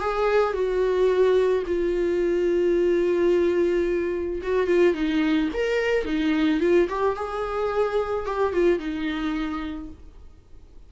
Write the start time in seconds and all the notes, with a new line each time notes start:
0.00 G#4
0.53 F#4
1.66 F4
4.42 F#4
4.67 F4
4.94 D#4
5.53 A#4
6.05 D#4
6.60 F4
6.89 G4
7.16 G#4
8.25 G4
8.53 F4
8.79 D#4